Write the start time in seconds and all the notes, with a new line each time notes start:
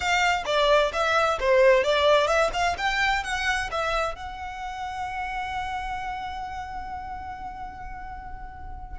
0.00 F5
0.45 D5
0.92 E5
1.39 C5
1.83 D5
2.27 E5
2.53 F5
2.77 G5
3.23 F#5
3.71 E5
4.15 F#5